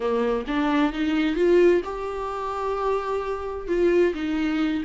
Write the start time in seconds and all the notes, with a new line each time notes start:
0.00 A#3
0.47 D4
0.92 D#4
1.35 F4
1.84 G4
3.67 F4
4.14 D#4